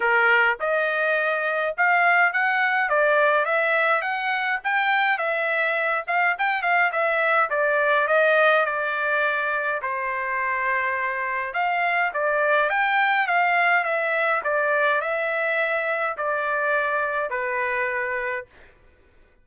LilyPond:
\new Staff \with { instrumentName = "trumpet" } { \time 4/4 \tempo 4 = 104 ais'4 dis''2 f''4 | fis''4 d''4 e''4 fis''4 | g''4 e''4. f''8 g''8 f''8 | e''4 d''4 dis''4 d''4~ |
d''4 c''2. | f''4 d''4 g''4 f''4 | e''4 d''4 e''2 | d''2 b'2 | }